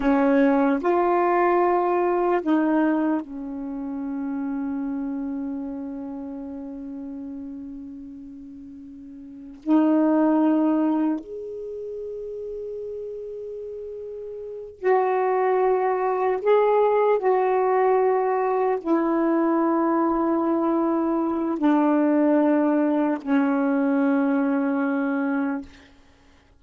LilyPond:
\new Staff \with { instrumentName = "saxophone" } { \time 4/4 \tempo 4 = 75 cis'4 f'2 dis'4 | cis'1~ | cis'1 | dis'2 gis'2~ |
gis'2~ gis'8 fis'4.~ | fis'8 gis'4 fis'2 e'8~ | e'2. d'4~ | d'4 cis'2. | }